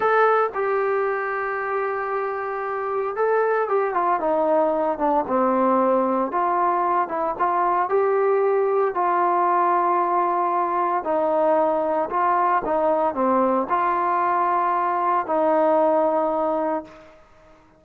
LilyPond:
\new Staff \with { instrumentName = "trombone" } { \time 4/4 \tempo 4 = 114 a'4 g'2.~ | g'2 a'4 g'8 f'8 | dis'4. d'8 c'2 | f'4. e'8 f'4 g'4~ |
g'4 f'2.~ | f'4 dis'2 f'4 | dis'4 c'4 f'2~ | f'4 dis'2. | }